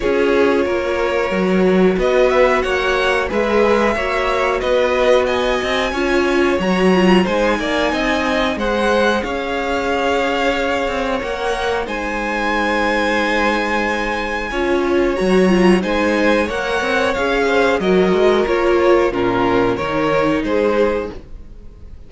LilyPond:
<<
  \new Staff \with { instrumentName = "violin" } { \time 4/4 \tempo 4 = 91 cis''2. dis''8 e''8 | fis''4 e''2 dis''4 | gis''2 ais''4 gis''4~ | gis''4 fis''4 f''2~ |
f''4 fis''4 gis''2~ | gis''2. ais''4 | gis''4 fis''4 f''4 dis''4 | cis''4 ais'4 cis''4 c''4 | }
  \new Staff \with { instrumentName = "violin" } { \time 4/4 gis'4 ais'2 b'4 | cis''4 b'4 cis''4 b'4 | dis''4 cis''2 c''8 d''8 | dis''4 c''4 cis''2~ |
cis''2 c''2~ | c''2 cis''2 | c''4 cis''4. c''8 ais'4~ | ais'4 f'4 ais'4 gis'4 | }
  \new Staff \with { instrumentName = "viola" } { \time 4/4 f'2 fis'2~ | fis'4 gis'4 fis'2~ | fis'4 f'4 fis'8 f'8 dis'4~ | dis'4 gis'2.~ |
gis'4 ais'4 dis'2~ | dis'2 f'4 fis'8 f'8 | dis'4 ais'4 gis'4 fis'4 | f'4 cis'4 dis'2 | }
  \new Staff \with { instrumentName = "cello" } { \time 4/4 cis'4 ais4 fis4 b4 | ais4 gis4 ais4 b4~ | b8 c'8 cis'4 fis4 gis8 ais8 | c'4 gis4 cis'2~ |
cis'8 c'8 ais4 gis2~ | gis2 cis'4 fis4 | gis4 ais8 c'8 cis'4 fis8 gis8 | ais4 ais,4 dis4 gis4 | }
>>